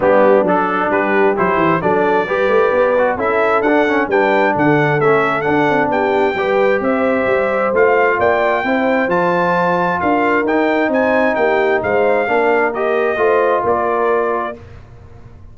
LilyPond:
<<
  \new Staff \with { instrumentName = "trumpet" } { \time 4/4 \tempo 4 = 132 g'4 a'4 b'4 c''4 | d''2. e''4 | fis''4 g''4 fis''4 e''4 | fis''4 g''2 e''4~ |
e''4 f''4 g''2 | a''2 f''4 g''4 | gis''4 g''4 f''2 | dis''2 d''2 | }
  \new Staff \with { instrumentName = "horn" } { \time 4/4 d'2 g'2 | a'4 b'2 a'4~ | a'4 b'4 a'2~ | a'4 g'4 b'4 c''4~ |
c''2 d''4 c''4~ | c''2 ais'2 | c''4 g'4 c''4 ais'4~ | ais'4 c''4 ais'2 | }
  \new Staff \with { instrumentName = "trombone" } { \time 4/4 b4 d'2 e'4 | d'4 g'4. fis'8 e'4 | d'8 cis'8 d'2 cis'4 | d'2 g'2~ |
g'4 f'2 e'4 | f'2. dis'4~ | dis'2. d'4 | g'4 f'2. | }
  \new Staff \with { instrumentName = "tuba" } { \time 4/4 g4 fis4 g4 fis8 e8 | fis4 g8 a8 b4 cis'4 | d'4 g4 d4 a4 | d'8 c'8 b4 g4 c'4 |
g4 a4 ais4 c'4 | f2 d'4 dis'4 | c'4 ais4 gis4 ais4~ | ais4 a4 ais2 | }
>>